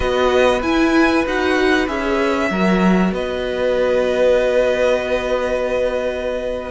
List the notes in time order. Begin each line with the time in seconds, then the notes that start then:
0.00 B3 F#4 B4 D#5
0.61 E4 G#5
1.25 D#4 F#4 F#5
1.87 C#4 G#4 E5
2.50 F#3 F#4 A#4
3.12 B3 B4 D#5